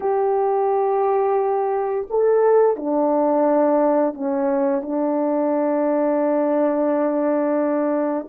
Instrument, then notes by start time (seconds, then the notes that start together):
horn
0.00 G4
2.10 A4
2.76 D4
4.14 C#4
4.82 D4